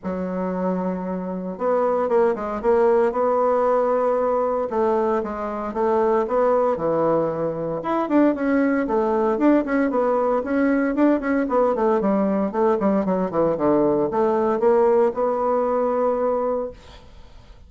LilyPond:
\new Staff \with { instrumentName = "bassoon" } { \time 4/4 \tempo 4 = 115 fis2. b4 | ais8 gis8 ais4 b2~ | b4 a4 gis4 a4 | b4 e2 e'8 d'8 |
cis'4 a4 d'8 cis'8 b4 | cis'4 d'8 cis'8 b8 a8 g4 | a8 g8 fis8 e8 d4 a4 | ais4 b2. | }